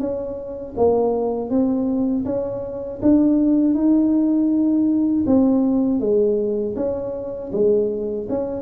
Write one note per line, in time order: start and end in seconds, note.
0.00 0.75 C#4
0.77 1.50 A#3
1.50 2.25 C4
2.26 3.01 C#4
3.02 3.75 D4
3.75 5.25 D#4
5.27 6.00 C4
6.00 6.75 G#3
6.76 7.51 C#4
7.53 8.28 G#3
8.29 8.62 C#4